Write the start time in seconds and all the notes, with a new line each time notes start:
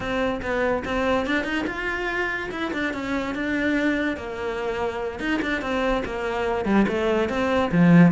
0.00 C4
0.41 B3
0.84 C4
1.26 D4
1.43 D#4
1.66 F4
2.51 E4
2.73 D4
2.93 C#4
3.34 D4
4.16 A#3
5.19 D#4
5.41 D4
5.61 C4
6.05 A#3
6.65 G3
6.88 A3
7.29 C4
7.71 F3